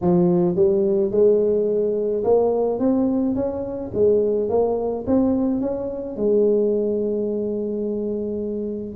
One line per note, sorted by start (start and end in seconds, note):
0.01 0.55 F3
0.55 1.11 G3
1.11 2.23 G#3
2.24 2.79 A#3
2.79 3.35 C4
3.35 3.91 C#4
3.94 4.49 G#3
4.49 5.05 A#3
5.06 5.60 C4
5.60 6.16 C#4
6.16 8.95 G#3